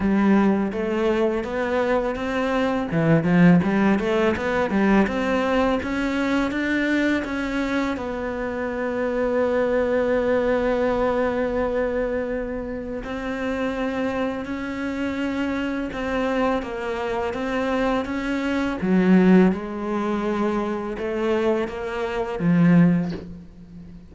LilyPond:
\new Staff \with { instrumentName = "cello" } { \time 4/4 \tempo 4 = 83 g4 a4 b4 c'4 | e8 f8 g8 a8 b8 g8 c'4 | cis'4 d'4 cis'4 b4~ | b1~ |
b2 c'2 | cis'2 c'4 ais4 | c'4 cis'4 fis4 gis4~ | gis4 a4 ais4 f4 | }